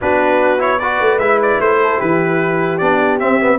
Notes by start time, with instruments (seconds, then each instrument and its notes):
0.01 tuba B3, trombone D4, horn F#4, trumpet B4
0.58 trombone E4, trumpet C#5
0.79 trombone F#4, horn B4, trumpet D5
1.00 tuba A3
1.17 tuba G#3, trombone E4, trumpet E5
1.42 trumpet D5
1.60 tuba A3, trumpet C5
1.83 horn A4
1.98 tuba E3, horn G4, trumpet B4
2.78 tuba B3, trombone D4, trumpet D5
3.19 trombone C4, tuba C4, trumpet E5
3.40 trombone B3